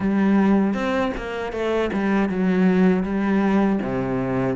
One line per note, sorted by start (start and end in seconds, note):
0.00 0.74 G3
0.74 1.12 C4
1.17 1.52 A#3
1.52 1.90 A3
1.92 2.29 G3
2.29 3.03 F#3
3.03 3.79 G3
3.82 4.56 C3